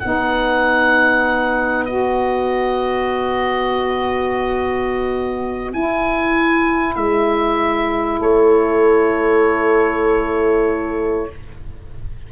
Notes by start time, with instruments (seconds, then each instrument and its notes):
0.00 tuba B3, saxophone D#4, horn B4, oboe F#5
1.85 saxophone F#4, oboe D#5
5.73 tuba E4, saxophone E4, oboe G#5
6.95 tuba G#3, oboe E5
8.19 tuba A3, horn A4, oboe C#5